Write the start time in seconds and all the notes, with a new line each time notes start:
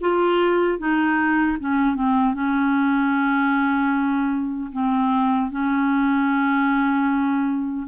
0.00 F4
0.78 D#4
1.59 C#4
1.94 C4
2.33 C#4
4.72 C4
5.50 C#4